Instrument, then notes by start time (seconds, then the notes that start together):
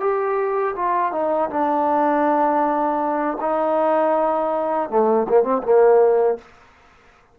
trombone
0.00 G4
0.76 F4
1.12 D#4
1.50 D4
3.41 D#4
4.90 A3
5.29 A#3
5.43 C4
5.63 A#3